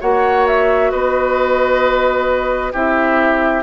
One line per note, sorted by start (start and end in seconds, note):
0.00 0.92 A#3
0.00 2.73 F#4
0.00 0.91 C#5
0.00 0.46 F#5
0.47 0.91 E5
0.91 2.73 B3
0.91 2.72 B4
0.91 2.72 D#5
2.72 3.62 C4
2.72 3.62 E4
2.72 3.62 G4
2.72 3.62 E5